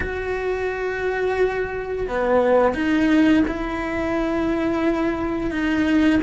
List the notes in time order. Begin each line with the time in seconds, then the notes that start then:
0.00 F#4
2.08 B3
2.74 D#4
3.47 E4
5.50 D#4